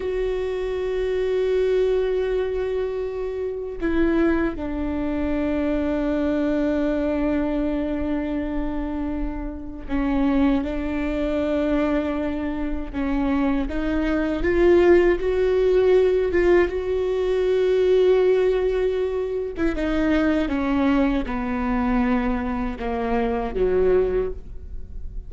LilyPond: \new Staff \with { instrumentName = "viola" } { \time 4/4 \tempo 4 = 79 fis'1~ | fis'4 e'4 d'2~ | d'1~ | d'4 cis'4 d'2~ |
d'4 cis'4 dis'4 f'4 | fis'4. f'8 fis'2~ | fis'4.~ fis'16 e'16 dis'4 cis'4 | b2 ais4 fis4 | }